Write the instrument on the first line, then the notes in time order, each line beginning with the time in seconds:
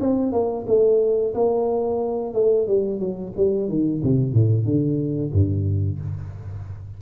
tuba
0.00 C4
0.32 A#3
0.67 A3
1.34 A#3
2.34 A3
2.67 G3
2.99 F#3
3.36 G3
3.68 D#3
4.02 C3
4.32 A2
4.65 D3
5.32 G2